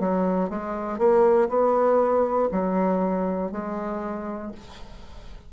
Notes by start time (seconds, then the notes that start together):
0.00 F#3
0.50 G#3
0.99 A#3
1.49 B3
2.52 F#3
3.51 G#3